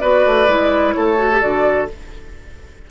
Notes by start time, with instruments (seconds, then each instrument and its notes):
0.00 bassoon B3, clarinet F#4, oboe B4, flute D5
0.26 bassoon A3
0.48 bassoon G#3, clarinet E4
0.93 bassoon A3, oboe A4, flute C#5
1.18 clarinet F#4
1.32 clarinet G4
1.41 bassoon D3, clarinet F#4, flute D5